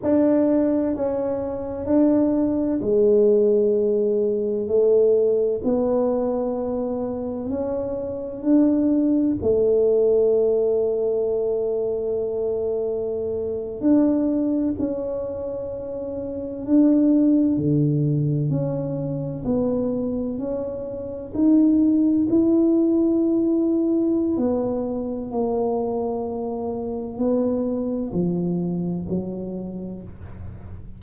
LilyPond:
\new Staff \with { instrumentName = "tuba" } { \time 4/4 \tempo 4 = 64 d'4 cis'4 d'4 gis4~ | gis4 a4 b2 | cis'4 d'4 a2~ | a2~ a8. d'4 cis'16~ |
cis'4.~ cis'16 d'4 d4 cis'16~ | cis'8. b4 cis'4 dis'4 e'16~ | e'2 b4 ais4~ | ais4 b4 f4 fis4 | }